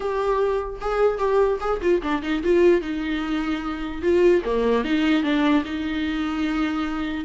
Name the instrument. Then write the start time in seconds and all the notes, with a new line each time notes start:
viola
0.00 G4
0.81 G#4
1.18 G4
1.60 G#4
1.81 F4
2.02 D4
2.22 D#4
2.43 F4
2.81 D#4
4.02 F4
4.44 A#3
4.84 D#4
5.23 D4
5.65 D#4